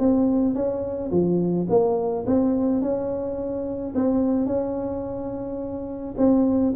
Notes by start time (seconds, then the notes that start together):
0.00 C4
0.55 C#4
1.11 F3
1.70 A#3
2.27 C4
2.82 C#4
3.96 C4
4.47 C#4
6.18 C4